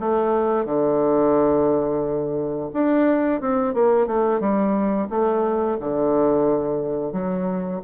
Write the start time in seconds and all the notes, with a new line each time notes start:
0.00 A3
0.65 D3
2.74 D4
3.41 C4
3.74 A#3
4.07 A3
4.40 G3
5.10 A3
5.80 D3
7.13 F#3